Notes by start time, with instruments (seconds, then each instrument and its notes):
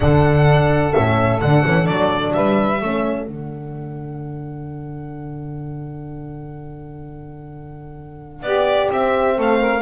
0.00 double bass D3, horn D4, saxophone A4, violin F#5
0.92 double bass A2, horn C#4, violin E5
1.41 double bass D3, horn D4, violin F#5
1.64 double bass E3, horn C#4
1.84 double bass F#3, horn D4, violin D5
2.33 double bass G3, saxophone B4, violin E5
2.81 double bass A3, horn C#4, saxophone A4
3.26 double bass D3, horn D4, violin F#5
8.42 double bass B3, saxophone G4, violin D5
8.89 horn C4, double bass C4, violin E5
9.35 double bass A3, saxophone A4
9.41 violin F5
9.60 saxophone A#4